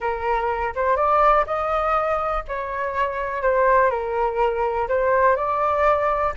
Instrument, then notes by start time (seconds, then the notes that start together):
flute
0.00 A#4
0.75 C5
0.96 D5
1.46 D#5
2.47 C#5
3.42 C5
3.90 A#4
4.88 C5
5.35 D5